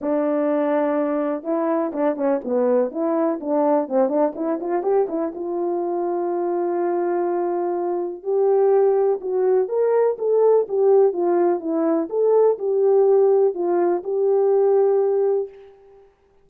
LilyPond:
\new Staff \with { instrumentName = "horn" } { \time 4/4 \tempo 4 = 124 d'2. e'4 | d'8 cis'8 b4 e'4 d'4 | c'8 d'8 e'8 f'8 g'8 e'8 f'4~ | f'1~ |
f'4 g'2 fis'4 | ais'4 a'4 g'4 f'4 | e'4 a'4 g'2 | f'4 g'2. | }